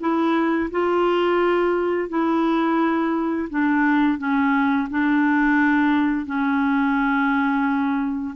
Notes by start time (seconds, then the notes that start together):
0.00 E4
0.71 F4
2.09 E4
3.50 D4
4.18 C#4
4.90 D4
6.26 C#4